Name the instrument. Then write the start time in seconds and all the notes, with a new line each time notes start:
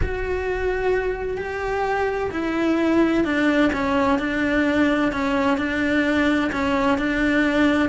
cello
0.02 F#4
1.37 G4
2.31 E4
3.24 D4
3.72 C#4
4.18 D4
5.12 C#4
5.57 D4
6.52 C#4
6.97 D4